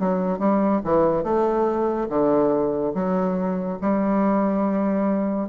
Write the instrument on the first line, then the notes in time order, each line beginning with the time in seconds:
bassoon
0.00 F#3
0.39 G3
0.85 E3
1.24 A3
2.09 D3
2.95 F#3
3.82 G3